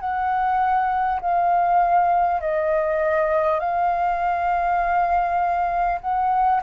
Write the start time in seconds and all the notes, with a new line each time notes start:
0.00 F#5
1.21 F5
2.41 D#5
3.60 F5
6.01 F#5